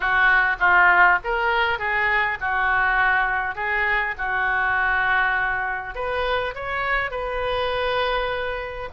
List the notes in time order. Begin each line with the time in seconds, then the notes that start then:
0.00 F#4
0.59 F4
1.24 A#4
1.78 G#4
2.40 F#4
3.55 G#4
4.17 F#4
5.94 B4
6.55 C#5
7.10 B4